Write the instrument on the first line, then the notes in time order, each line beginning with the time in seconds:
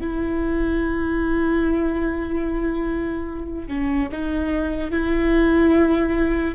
viola
0.00 E4
3.68 C#4
4.11 D#4
4.91 E4